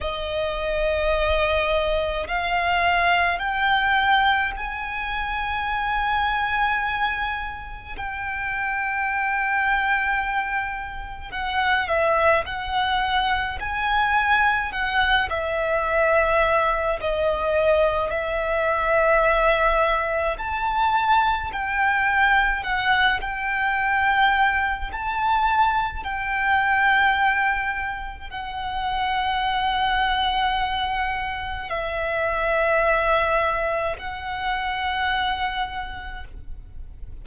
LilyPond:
\new Staff \with { instrumentName = "violin" } { \time 4/4 \tempo 4 = 53 dis''2 f''4 g''4 | gis''2. g''4~ | g''2 fis''8 e''8 fis''4 | gis''4 fis''8 e''4. dis''4 |
e''2 a''4 g''4 | fis''8 g''4. a''4 g''4~ | g''4 fis''2. | e''2 fis''2 | }